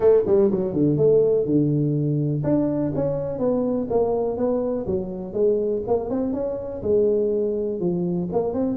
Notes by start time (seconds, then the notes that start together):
0.00 A3
0.26 G3
0.51 F#3
0.73 D3
0.97 A3
1.45 D3
2.43 D4
2.95 C#4
3.38 B3
3.90 A#3
4.37 B3
4.86 F#3
5.33 G#3
5.87 A#3
6.10 C4
6.33 C#4
6.82 G#3
7.80 F3
8.32 A#3
8.53 C4